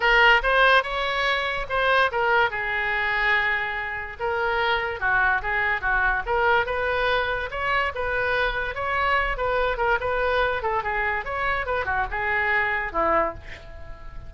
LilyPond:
\new Staff \with { instrumentName = "oboe" } { \time 4/4 \tempo 4 = 144 ais'4 c''4 cis''2 | c''4 ais'4 gis'2~ | gis'2 ais'2 | fis'4 gis'4 fis'4 ais'4 |
b'2 cis''4 b'4~ | b'4 cis''4. b'4 ais'8 | b'4. a'8 gis'4 cis''4 | b'8 fis'8 gis'2 e'4 | }